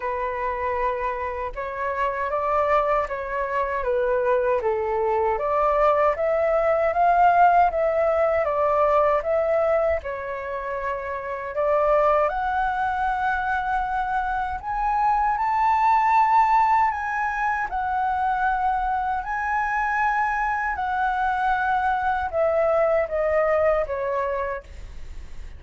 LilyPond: \new Staff \with { instrumentName = "flute" } { \time 4/4 \tempo 4 = 78 b'2 cis''4 d''4 | cis''4 b'4 a'4 d''4 | e''4 f''4 e''4 d''4 | e''4 cis''2 d''4 |
fis''2. gis''4 | a''2 gis''4 fis''4~ | fis''4 gis''2 fis''4~ | fis''4 e''4 dis''4 cis''4 | }